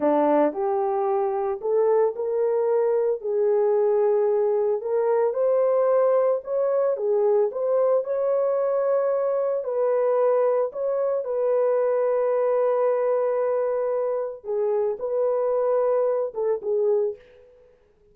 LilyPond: \new Staff \with { instrumentName = "horn" } { \time 4/4 \tempo 4 = 112 d'4 g'2 a'4 | ais'2 gis'2~ | gis'4 ais'4 c''2 | cis''4 gis'4 c''4 cis''4~ |
cis''2 b'2 | cis''4 b'2.~ | b'2. gis'4 | b'2~ b'8 a'8 gis'4 | }